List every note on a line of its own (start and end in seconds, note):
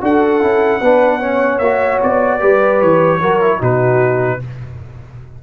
0.00 0.42 D4
0.00 0.40 F#4
0.00 0.81 A4
0.00 1.58 F#5
0.40 0.81 C#4
0.40 0.80 E4
0.81 1.59 B3
0.81 1.20 D4
0.81 1.20 B4
1.20 1.60 C#4
1.20 2.40 C#5
1.58 1.99 A#3
1.58 2.40 F#4
1.58 1.98 E5
2.03 2.42 B3
2.03 2.81 D5
2.40 2.81 G3
2.40 3.20 G4
2.40 3.20 B4
2.81 3.21 E3
2.81 3.61 C#5
3.21 3.61 F#3
3.21 3.40 F#4
3.21 3.59 A#4
3.40 3.59 E4
3.59 4.41 B2
3.59 4.39 D#4
3.59 4.39 F#4
3.59 4.43 B4